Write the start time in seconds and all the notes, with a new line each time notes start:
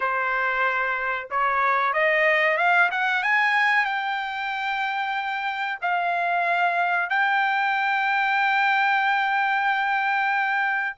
0.00 C5
1.30 C#5
1.93 D#5
2.57 F5
2.91 F#5
3.23 G#5
3.85 G5
5.81 F5
7.09 G5